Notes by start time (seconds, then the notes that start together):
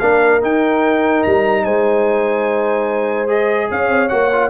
0.00 A#3 D4 A#4 F5
0.41 D#4 G5
1.24 G3 A#5
1.64 G#3 C5 G#5
3.28 G#4 D#5
3.71 C#4 C#5 F5
3.89 C4
4.09 A#3 F#4 F#5
4.33 F4